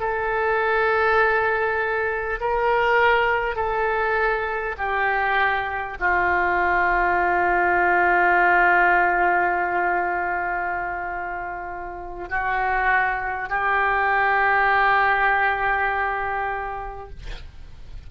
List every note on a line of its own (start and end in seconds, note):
0.00 2.40 A4
2.41 3.56 A#4
3.56 4.76 A4
4.78 5.98 G4
6.00 12.30 F4
12.30 13.50 F#4
13.50 17.10 G4